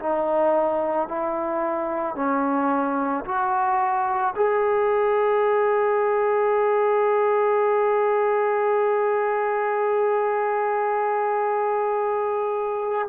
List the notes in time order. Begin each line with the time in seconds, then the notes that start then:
0.00 D#4
1.09 E4
2.16 C#4
3.25 F#4
4.36 G#4